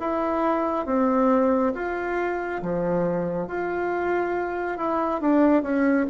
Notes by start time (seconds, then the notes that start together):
0.00 E4
0.86 C4
1.75 F4
2.62 F3
3.48 F4
4.78 E4
5.21 D4
5.63 C#4